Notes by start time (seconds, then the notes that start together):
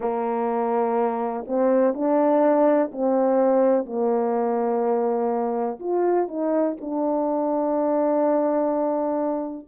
0.00 A#3
1.47 C4
1.94 D4
2.92 C4
3.85 A#3
5.79 F4
6.28 D#4
6.80 D4